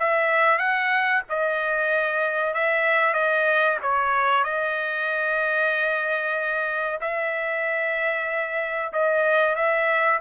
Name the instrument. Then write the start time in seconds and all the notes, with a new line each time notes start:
trumpet
0.00 E5
0.59 F#5
1.29 D#5
2.54 E5
3.14 D#5
3.83 C#5
4.44 D#5
7.01 E5
8.93 D#5
9.56 E5